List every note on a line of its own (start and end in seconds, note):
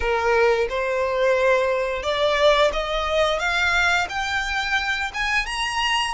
0.00 0.67 A#4
0.69 2.03 C5
2.03 2.71 D5
2.72 3.39 D#5
3.39 4.07 F5
4.09 5.11 G5
5.14 5.45 G#5
5.45 6.14 A#5